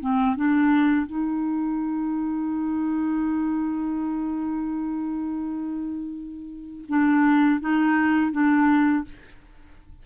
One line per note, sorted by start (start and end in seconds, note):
0.00 0.35 C4
0.35 1.06 D4
1.06 6.84 D#4
6.88 7.60 D4
7.60 8.32 D#4
8.32 9.04 D4